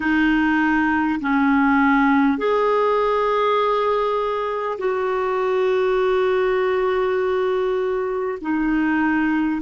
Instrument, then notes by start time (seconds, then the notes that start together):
clarinet
0.00 D#4
1.20 C#4
2.38 G#4
4.78 F#4
8.41 D#4